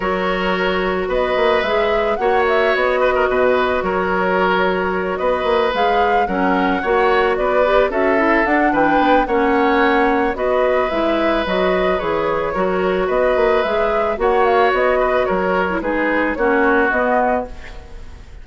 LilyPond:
<<
  \new Staff \with { instrumentName = "flute" } { \time 4/4 \tempo 4 = 110 cis''2 dis''4 e''4 | fis''8 e''8 dis''2 cis''4~ | cis''4. dis''4 f''4 fis''8~ | fis''4. d''4 e''4 fis''8 |
g''4 fis''2 dis''4 | e''4 dis''4 cis''2 | dis''4 e''4 fis''8 f''8 dis''4 | cis''4 b'4 cis''4 dis''4 | }
  \new Staff \with { instrumentName = "oboe" } { \time 4/4 ais'2 b'2 | cis''4. b'16 ais'16 b'4 ais'4~ | ais'4. b'2 ais'8~ | ais'8 cis''4 b'4 a'4. |
b'4 cis''2 b'4~ | b'2. ais'4 | b'2 cis''4. b'8 | ais'4 gis'4 fis'2 | }
  \new Staff \with { instrumentName = "clarinet" } { \time 4/4 fis'2. gis'4 | fis'1~ | fis'2~ fis'8 gis'4 cis'8~ | cis'8 fis'4. g'8 fis'8 e'8 d'8~ |
d'4 cis'2 fis'4 | e'4 fis'4 gis'4 fis'4~ | fis'4 gis'4 fis'2~ | fis'8. e'16 dis'4 cis'4 b4 | }
  \new Staff \with { instrumentName = "bassoon" } { \time 4/4 fis2 b8 ais8 gis4 | ais4 b4 b,4 fis4~ | fis4. b8 ais8 gis4 fis8~ | fis8 ais4 b4 cis'4 d'8 |
e8 b8 ais2 b4 | gis4 fis4 e4 fis4 | b8 ais8 gis4 ais4 b4 | fis4 gis4 ais4 b4 | }
>>